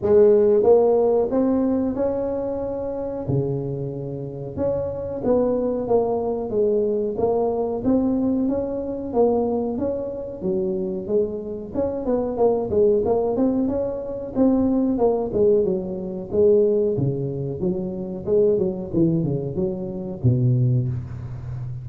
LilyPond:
\new Staff \with { instrumentName = "tuba" } { \time 4/4 \tempo 4 = 92 gis4 ais4 c'4 cis'4~ | cis'4 cis2 cis'4 | b4 ais4 gis4 ais4 | c'4 cis'4 ais4 cis'4 |
fis4 gis4 cis'8 b8 ais8 gis8 | ais8 c'8 cis'4 c'4 ais8 gis8 | fis4 gis4 cis4 fis4 | gis8 fis8 e8 cis8 fis4 b,4 | }